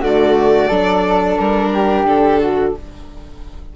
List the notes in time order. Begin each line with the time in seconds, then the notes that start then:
0.00 D3 A3 F#4 D5
0.67 F#3 D4 A4
1.38 G3 A#4
1.73 G4
2.05 D3 A4
2.40 F#4